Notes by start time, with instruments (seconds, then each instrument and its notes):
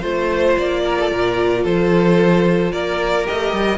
0.00 cello A3, viola F4, violin C5
0.57 cello A#3, violin D5
0.84 violin A#4
0.99 violin A4
1.10 cello A#2, violin A#4
1.63 cello F3, violin A4 C5
2.72 cello A#3, violin A#4 D5
3.25 cello A3, viola G4, violin D#5
3.52 cello G3